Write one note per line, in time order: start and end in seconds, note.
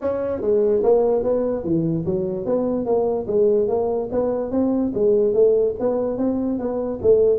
0.01 0.41 C#4
0.41 0.82 G#3
0.83 1.23 A#3
1.23 1.63 B3
1.63 2.05 E3
2.05 2.45 F#3
2.45 2.85 B3
2.85 3.26 A#3
3.27 3.68 G#3
3.68 4.09 A#3
4.11 4.51 B3
4.51 4.92 C4
4.94 5.33 G#3
5.33 5.74 A3
5.79 6.17 B3
6.17 6.58 C4
6.58 6.99 B3
7.02 7.39 A3